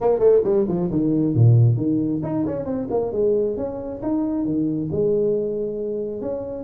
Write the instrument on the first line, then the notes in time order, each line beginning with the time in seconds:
tuba
0.00 A#3
0.19 A3
0.43 G3
0.68 F3
0.90 D#3
1.35 A#2
1.76 D#3
2.22 D#4
2.45 C#4
2.65 C4
2.90 A#3
3.12 G#3
3.56 C#4
4.02 D#4
4.45 D#3
4.91 G#3
6.21 C#4